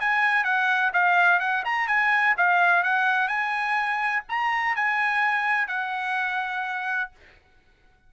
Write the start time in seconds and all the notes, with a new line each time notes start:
0.00 G#5
0.44 F#5
0.93 F5
1.40 F#5
1.65 A#5
1.87 G#5
2.37 F5
2.83 F#5
3.28 G#5
4.29 A#5
4.76 G#5
5.68 F#5